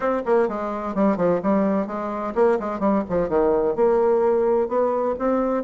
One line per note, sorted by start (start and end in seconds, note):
0.00 0.22 C4
0.25 0.48 A#3
0.48 0.94 G#3
0.94 1.16 G3
1.16 1.40 F3
1.43 1.86 G3
1.86 2.33 G#3
2.34 2.58 A#3
2.59 2.79 G#3
2.79 3.03 G3
3.09 3.28 F3
3.28 3.75 D#3
3.75 4.68 A#3
4.68 5.15 B3
5.18 5.63 C4